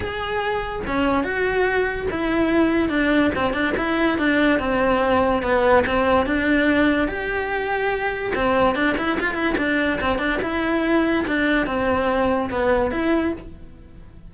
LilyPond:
\new Staff \with { instrumentName = "cello" } { \time 4/4 \tempo 4 = 144 gis'2 cis'4 fis'4~ | fis'4 e'2 d'4 | c'8 d'8 e'4 d'4 c'4~ | c'4 b4 c'4 d'4~ |
d'4 g'2. | c'4 d'8 e'8 f'8 e'8 d'4 | c'8 d'8 e'2 d'4 | c'2 b4 e'4 | }